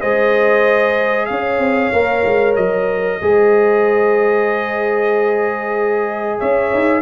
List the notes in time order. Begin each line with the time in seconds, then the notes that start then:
0.00 G#3 G#4 C5 D#5
1.25 C#4 C#5 F5
1.58 C4
1.92 A#3 A#4
2.25 G#3
2.56 F#3 D#5
3.21 G#3 G#4 C5
6.38 C#4 C#5 E5
6.74 D#4